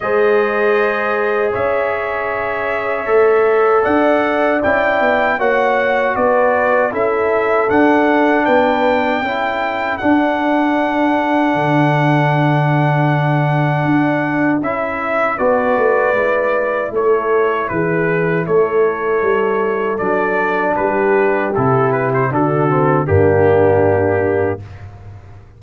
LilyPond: <<
  \new Staff \with { instrumentName = "trumpet" } { \time 4/4 \tempo 4 = 78 dis''2 e''2~ | e''4 fis''4 g''4 fis''4 | d''4 e''4 fis''4 g''4~ | g''4 fis''2.~ |
fis''2. e''4 | d''2 cis''4 b'4 | cis''2 d''4 b'4 | a'8 b'16 c''16 a'4 g'2 | }
  \new Staff \with { instrumentName = "horn" } { \time 4/4 c''2 cis''2~ | cis''4 d''2 cis''4 | b'4 a'2 b'4 | a'1~ |
a'1 | b'2 a'4 gis'4 | a'2. g'4~ | g'4 fis'4 d'2 | }
  \new Staff \with { instrumentName = "trombone" } { \time 4/4 gis'1 | a'2 e'4 fis'4~ | fis'4 e'4 d'2 | e'4 d'2.~ |
d'2. e'4 | fis'4 e'2.~ | e'2 d'2 | e'4 d'8 c'8 ais2 | }
  \new Staff \with { instrumentName = "tuba" } { \time 4/4 gis2 cis'2 | a4 d'4 cis'8 b8 ais4 | b4 cis'4 d'4 b4 | cis'4 d'2 d4~ |
d2 d'4 cis'4 | b8 a8 gis4 a4 e4 | a4 g4 fis4 g4 | c4 d4 g,2 | }
>>